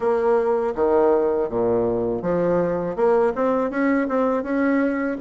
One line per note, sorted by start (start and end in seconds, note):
0.00 0.74 A#3
0.75 1.49 D#3
1.49 2.22 A#2
2.22 2.96 F3
2.96 3.33 A#3
3.35 3.70 C4
3.70 4.07 C#4
4.08 4.43 C4
4.43 5.17 C#4